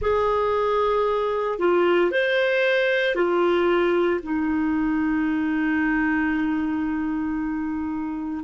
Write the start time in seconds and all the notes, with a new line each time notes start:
0.01 G#4
1.58 F4
2.11 C5
3.15 F4
4.22 D#4